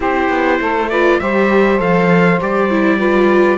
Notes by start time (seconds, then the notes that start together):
0.00 C4 E4 G4 C5
0.29 B3
0.60 A3 A4
0.89 F4 B4 D5
1.19 G3 G4 C5 E5
1.78 F3 A4 F5
2.40 G3 G4 D5
2.70 E4
2.98 F4 B4